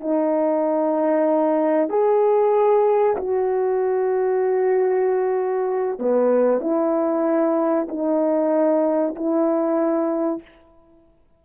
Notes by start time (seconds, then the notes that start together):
0.00 D#4
1.89 G#4
3.16 F#4
5.99 B3
6.61 E4
7.88 D#4
9.15 E4